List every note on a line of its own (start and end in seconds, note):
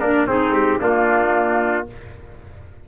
0.00 0.27 A#3
0.00 0.27 D4
0.00 0.28 D4
0.00 0.26 A#4
0.27 0.79 C4
0.27 0.51 C4
0.27 0.80 D#4
0.27 0.54 G#4
0.51 0.77 G#3
0.51 0.80 G4
0.81 1.86 A#3
0.81 1.87 A#3
0.81 1.86 D4
0.81 1.88 F4